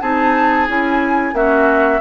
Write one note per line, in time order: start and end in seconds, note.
0.00 0.68 C4
0.00 0.67 D#4
0.00 1.34 G#4
0.00 0.67 A5
0.67 1.33 C#4
0.67 1.33 E4
0.67 1.35 G#5
1.33 1.99 A#3
1.33 2.00 C#4
1.33 2.00 F#4
1.33 2.00 E5